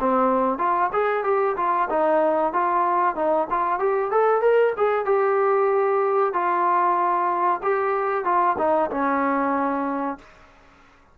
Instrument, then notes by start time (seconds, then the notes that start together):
trombone
0.00 C4
0.58 F4
0.93 G#4
1.24 G4
1.57 F4
1.90 D#4
2.53 F4
3.16 D#4
3.50 F4
3.80 G4
4.11 A4
4.42 A#4
4.77 G#4
5.06 G4
6.33 F4
7.63 G4
8.25 F4
8.58 D#4
8.91 C#4